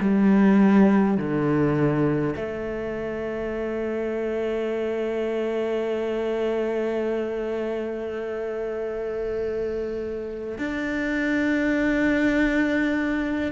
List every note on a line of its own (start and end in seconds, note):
0.00 1.17 G3
1.17 2.35 D3
2.35 10.58 A3
10.58 13.52 D4